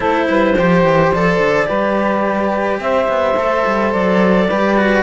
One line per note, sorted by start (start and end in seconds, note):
0.00 0.29 A3
0.00 0.53 E4
0.00 0.27 A4
0.00 1.12 C5
0.29 0.56 G3
0.29 0.56 B4
0.56 0.83 F3
0.56 1.14 G4
0.56 1.67 C5
0.83 1.11 E3
1.12 1.38 F3
1.12 1.65 A4
1.12 2.80 D5
1.38 1.66 D3
1.65 2.79 G3
1.65 3.34 G4
1.65 2.79 B4
2.79 3.07 C4
2.79 4.48 C5
2.79 3.92 E5
3.08 3.35 B3
3.35 3.63 A3
3.35 4.48 A4
3.66 3.94 G3
3.93 4.50 F#3
3.93 5.03 D5
4.48 5.03 G3
4.48 4.77 G4
4.48 5.03 B4
4.77 5.03 F#4